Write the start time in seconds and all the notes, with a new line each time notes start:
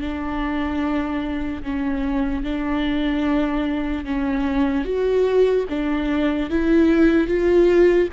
0.00 D4
1.63 C#4
2.43 D4
4.04 C#4
4.84 F#4
5.69 D4
6.49 E4
7.27 F4